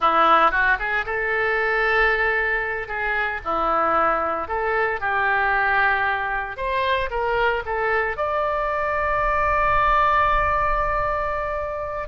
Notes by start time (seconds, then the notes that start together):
0.00 E4
0.51 F#4
0.79 G#4
1.05 A4
2.88 G#4
3.44 E4
4.48 A4
5.00 G4
6.56 C5
7.10 A#4
7.65 A4
8.16 D5